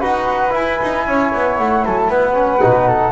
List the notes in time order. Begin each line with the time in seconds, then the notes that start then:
0.00 D#4 F#4 B4 F#5
0.50 E4 G#5
0.82 D#4
1.07 C#4 C#5
1.34 B3
1.58 A3 F#5
1.85 F#3 A4 G#5
1.97 A5
2.09 B3 B4 F#5
2.33 C#4
2.61 B2 D#4
2.87 A4